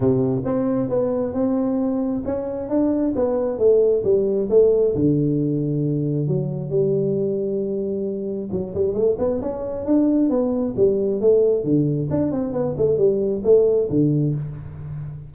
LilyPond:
\new Staff \with { instrumentName = "tuba" } { \time 4/4 \tempo 4 = 134 c4 c'4 b4 c'4~ | c'4 cis'4 d'4 b4 | a4 g4 a4 d4~ | d2 fis4 g4~ |
g2. fis8 g8 | a8 b8 cis'4 d'4 b4 | g4 a4 d4 d'8 c'8 | b8 a8 g4 a4 d4 | }